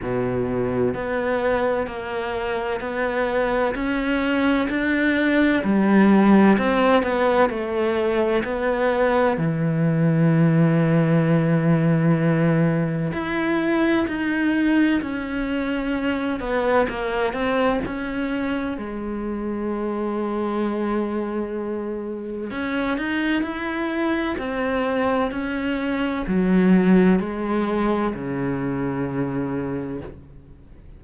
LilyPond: \new Staff \with { instrumentName = "cello" } { \time 4/4 \tempo 4 = 64 b,4 b4 ais4 b4 | cis'4 d'4 g4 c'8 b8 | a4 b4 e2~ | e2 e'4 dis'4 |
cis'4. b8 ais8 c'8 cis'4 | gis1 | cis'8 dis'8 e'4 c'4 cis'4 | fis4 gis4 cis2 | }